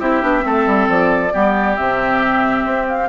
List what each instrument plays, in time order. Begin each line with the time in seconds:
0.00 bassoon C4, clarinet E4, oboe G4, flute E5
0.22 bassoon B3, clarinet D4
0.40 bassoon A3, clarinet C4
0.46 oboe A4
0.66 bassoon G3
0.88 bassoon F3, flute D5
1.33 bassoon G3, clarinet B3, oboe G4
1.76 bassoon C3, clarinet C4, flute E5
2.65 bassoon C4
2.88 flute F5